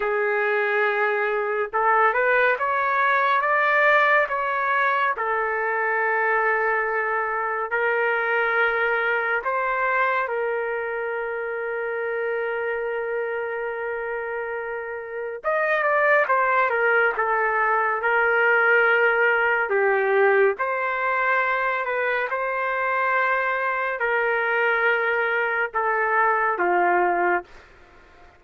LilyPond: \new Staff \with { instrumentName = "trumpet" } { \time 4/4 \tempo 4 = 70 gis'2 a'8 b'8 cis''4 | d''4 cis''4 a'2~ | a'4 ais'2 c''4 | ais'1~ |
ais'2 dis''8 d''8 c''8 ais'8 | a'4 ais'2 g'4 | c''4. b'8 c''2 | ais'2 a'4 f'4 | }